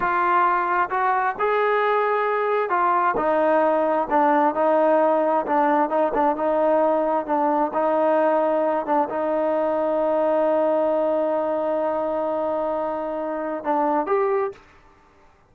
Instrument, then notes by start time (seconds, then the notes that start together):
trombone
0.00 F4
0.90 F#4
1.39 G#4
2.69 F4
3.17 D#4
4.10 D4
4.54 D#4
5.45 D4
5.89 D#4
6.14 D4
6.36 D#4
7.26 D4
7.73 D#4
8.85 D4
9.09 D#4
13.64 D4
14.06 G4